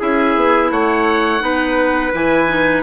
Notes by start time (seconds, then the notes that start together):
0.00 C#4 E4 G#4 E5
0.36 B3
0.71 A3 C#5 F#5
1.41 B3 D#4 B4
2.14 E3 E4 G#5
2.49 D#4